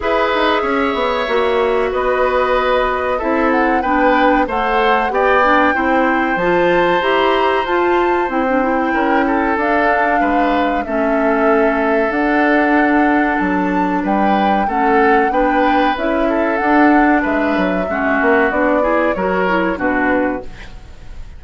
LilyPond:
<<
  \new Staff \with { instrumentName = "flute" } { \time 4/4 \tempo 4 = 94 e''2. dis''4~ | dis''4 e''8 fis''8 g''4 fis''4 | g''2 a''4 ais''4 | a''4 g''2 f''4~ |
f''4 e''2 fis''4~ | fis''4 a''4 g''4 fis''4 | g''4 e''4 fis''4 e''4~ | e''4 d''4 cis''4 b'4 | }
  \new Staff \with { instrumentName = "oboe" } { \time 4/4 b'4 cis''2 b'4~ | b'4 a'4 b'4 c''4 | d''4 c''2.~ | c''2 ais'8 a'4. |
b'4 a'2.~ | a'2 b'4 a'4 | b'4. a'4. b'4 | fis'4. gis'8 ais'4 fis'4 | }
  \new Staff \with { instrumentName = "clarinet" } { \time 4/4 gis'2 fis'2~ | fis'4 e'4 d'4 a'4 | g'8 d'8 e'4 f'4 g'4 | f'4 e'16 d'16 e'4. d'4~ |
d'4 cis'2 d'4~ | d'2. cis'4 | d'4 e'4 d'2 | cis'4 d'8 e'8 fis'8 e'8 d'4 | }
  \new Staff \with { instrumentName = "bassoon" } { \time 4/4 e'8 dis'8 cis'8 b8 ais4 b4~ | b4 c'4 b4 a4 | b4 c'4 f4 e'4 | f'4 c'4 cis'4 d'4 |
gis4 a2 d'4~ | d'4 fis4 g4 a4 | b4 cis'4 d'4 gis8 fis8 | gis8 ais8 b4 fis4 b,4 | }
>>